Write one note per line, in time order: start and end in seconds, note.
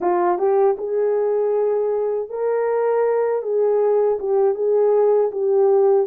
0.00 0.38 F4
0.38 0.76 G4
0.77 2.29 G#4
2.29 3.42 A#4
3.42 4.18 G#4
4.19 4.54 G4
4.54 5.30 G#4
5.31 6.07 G4